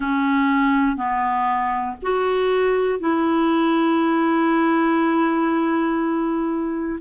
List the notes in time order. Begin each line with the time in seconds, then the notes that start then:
0.00 C#4
0.96 B3
2.02 F#4
2.99 E4